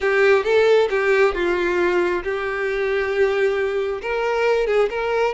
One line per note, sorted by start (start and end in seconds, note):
0.00 0.43 G4
0.43 0.88 A4
0.89 1.34 G4
1.34 2.23 F4
2.23 4.01 G4
4.01 4.66 A#4
4.66 4.89 G#4
4.90 5.34 A#4